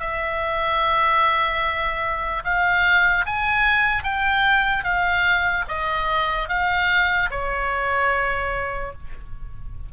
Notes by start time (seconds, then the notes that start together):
0.00 E5
2.44 F5
3.26 G#5
4.04 G5
4.84 F5
5.69 D#5
6.49 F5
7.31 C#5